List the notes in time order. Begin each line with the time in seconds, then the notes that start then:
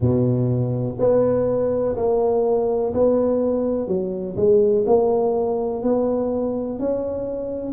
0.00 B2
0.99 B3
1.96 A#3
2.93 B3
3.87 F#3
4.36 G#3
4.86 A#3
5.82 B3
6.79 C#4